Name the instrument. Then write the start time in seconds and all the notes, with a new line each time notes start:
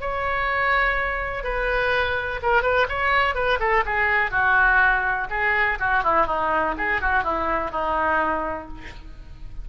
oboe
0.00 C#5
1.43 B4
2.42 A#4
2.62 B4
2.89 C#5
3.35 B4
3.59 A4
3.85 G#4
4.31 F#4
5.30 G#4
5.79 F#4
6.04 E4
6.26 D#4
6.77 G#4
7.01 F#4
7.23 E4
7.71 D#4